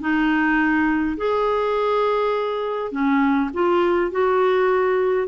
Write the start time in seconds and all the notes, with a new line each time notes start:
0.00 D#4
1.17 G#4
2.91 C#4
3.53 F4
4.11 F#4